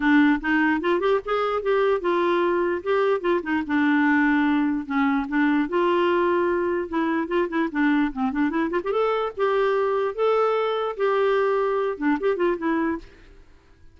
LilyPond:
\new Staff \with { instrumentName = "clarinet" } { \time 4/4 \tempo 4 = 148 d'4 dis'4 f'8 g'8 gis'4 | g'4 f'2 g'4 | f'8 dis'8 d'2. | cis'4 d'4 f'2~ |
f'4 e'4 f'8 e'8 d'4 | c'8 d'8 e'8 f'16 g'16 a'4 g'4~ | g'4 a'2 g'4~ | g'4. d'8 g'8 f'8 e'4 | }